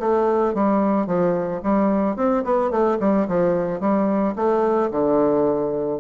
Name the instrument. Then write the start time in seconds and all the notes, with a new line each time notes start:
bassoon
0.00 A3
0.55 G3
1.07 F3
1.64 G3
2.17 C4
2.45 B3
2.71 A3
3.00 G3
3.28 F3
3.81 G3
4.36 A3
4.91 D3